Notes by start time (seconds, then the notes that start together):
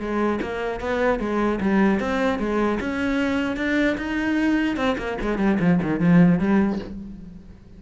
0.00 G#3
0.41 A#3
0.80 B3
1.19 G#3
1.61 G3
2.00 C4
2.39 G#3
2.80 C#4
3.57 D4
3.97 D#4
4.77 C4
4.98 A#3
5.21 G#3
5.38 G3
5.60 F3
5.82 D#3
6.00 F3
6.39 G3